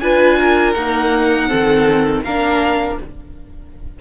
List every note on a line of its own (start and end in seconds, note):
0.00 0.75 D4
0.00 0.75 F4
0.00 0.38 B4
0.00 0.73 G#5
0.38 1.48 A#4
0.73 1.48 A#3
0.73 1.51 D#4
0.73 2.21 F#5
1.48 2.24 D#3
1.48 2.22 C4
1.48 2.22 A4
2.24 2.98 A#3
2.24 3.01 D4
2.24 2.99 A#4
2.24 2.98 F5